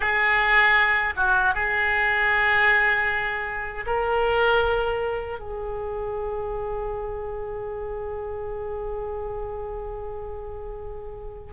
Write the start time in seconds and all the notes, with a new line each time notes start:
0.00 G#4
1.16 F#4
1.54 G#4
3.86 A#4
5.38 G#4